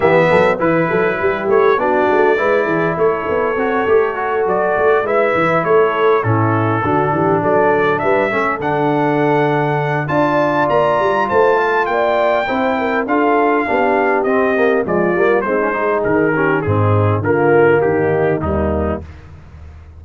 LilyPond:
<<
  \new Staff \with { instrumentName = "trumpet" } { \time 4/4 \tempo 4 = 101 e''4 b'4. cis''8 d''4~ | d''4 cis''2~ cis''8 d''8~ | d''8 e''4 cis''4 a'4.~ | a'8 d''4 e''4 fis''4.~ |
fis''4 a''4 ais''4 a''4 | g''2 f''2 | dis''4 d''4 c''4 ais'4 | gis'4 ais'4 g'4 dis'4 | }
  \new Staff \with { instrumentName = "horn" } { \time 4/4 g'8 a'8 b'8 a'8 g'4 fis'4 | b'8 gis'8 a'2.~ | a'8 b'4 a'4 e'4 fis'8 | g'8 a'4 b'8 a'2~ |
a'4 d''2 c''8 f''8 | d''4 c''8 ais'8 a'4 g'4~ | g'4 f'4 dis'8 gis'4 g'8 | dis'4 f'4 dis'4 ais4 | }
  \new Staff \with { instrumentName = "trombone" } { \time 4/4 b4 e'2 d'4 | e'2 fis'8 g'8 fis'4~ | fis'8 e'2 cis'4 d'8~ | d'2 cis'8 d'4.~ |
d'4 f'2.~ | f'4 e'4 f'4 d'4 | c'8 ais8 gis8 ais8 c'16 cis'16 dis'4 cis'8 | c'4 ais2 g4 | }
  \new Staff \with { instrumentName = "tuba" } { \time 4/4 e8 fis8 e8 fis8 g8 a8 b8 a8 | gis8 e8 a8 b8 c'8 a4 fis8 | a8 gis8 e8 a4 a,4 d8 | e8 fis4 g8 a8 d4.~ |
d4 d'4 ais8 g8 a4 | ais4 c'4 d'4 b4 | c'4 f8 g8 gis4 dis4 | gis,4 d4 dis4 dis,4 | }
>>